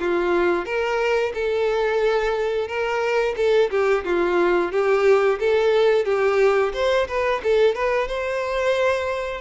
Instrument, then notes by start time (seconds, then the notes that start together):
violin
0.00 F4
0.65 A#4
1.34 A4
2.68 A#4
3.36 A4
3.70 G4
4.05 F4
4.72 G4
5.40 A4
6.05 G4
6.74 C5
7.08 B4
7.44 A4
7.75 B4
8.08 C5